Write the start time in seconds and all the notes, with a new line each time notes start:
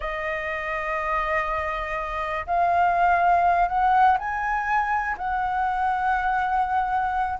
0.00 D#5
2.46 F5
3.68 F#5
4.18 G#5
5.17 F#5